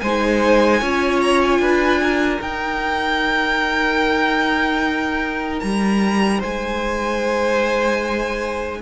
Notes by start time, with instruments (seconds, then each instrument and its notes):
0.00 cello G#3, viola D#4, violin C5 G#5
0.80 cello C#4, viola F4, violin C#5
1.21 violin A#5
1.42 violin G#5
1.59 cello D4, violin B4
2.02 violin A#4
2.41 cello D#4, viola D#4, violin G5
5.60 cello G3, violin A#5
6.38 cello G#3, violin C5 G#5